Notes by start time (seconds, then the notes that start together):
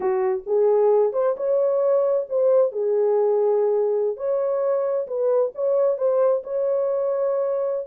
0.00 F#4
0.46 G#4
1.13 C5
1.36 C#5
2.29 C5
2.72 G#4
4.16 C#5
5.07 B4
5.54 C#5
5.97 C5
6.43 C#5